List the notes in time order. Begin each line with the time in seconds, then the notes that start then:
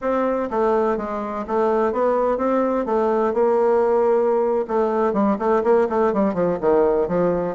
0.01 C4
0.50 A3
0.97 G#3
1.47 A3
1.92 B3
2.37 C4
2.85 A3
3.33 A#3
4.67 A3
5.13 G3
5.39 A3
5.63 A#3
5.89 A3
6.13 G3
6.34 F3
6.60 D#3
7.08 F3